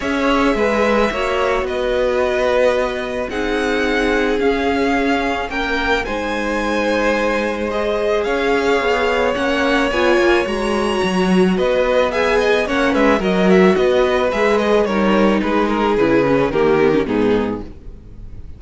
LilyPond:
<<
  \new Staff \with { instrumentName = "violin" } { \time 4/4 \tempo 4 = 109 e''2. dis''4~ | dis''2 fis''2 | f''2 g''4 gis''4~ | gis''2 dis''4 f''4~ |
f''4 fis''4 gis''4 ais''4~ | ais''4 b'4 gis''4 fis''8 e''8 | dis''8 e''8 dis''4 e''8 dis''8 cis''4 | b'8 ais'8 b'4 ais'4 gis'4 | }
  \new Staff \with { instrumentName = "violin" } { \time 4/4 cis''4 b'4 cis''4 b'4~ | b'2 gis'2~ | gis'2 ais'4 c''4~ | c''2. cis''4~ |
cis''1~ | cis''4 dis''4 e''8 dis''8 cis''8 b'8 | ais'4 b'2 ais'4 | gis'2 g'4 dis'4 | }
  \new Staff \with { instrumentName = "viola" } { \time 4/4 gis'2 fis'2~ | fis'2 dis'2 | cis'2. dis'4~ | dis'2 gis'2~ |
gis'4 cis'4 f'4 fis'4~ | fis'2 gis'4 cis'4 | fis'2 gis'4 dis'4~ | dis'4 e'8 cis'8 ais8 b16 cis'16 b4 | }
  \new Staff \with { instrumentName = "cello" } { \time 4/4 cis'4 gis4 ais4 b4~ | b2 c'2 | cis'2 ais4 gis4~ | gis2. cis'4 |
b4 ais4 b8 ais8 gis4 | fis4 b2 ais8 gis8 | fis4 b4 gis4 g4 | gis4 cis4 dis4 gis,4 | }
>>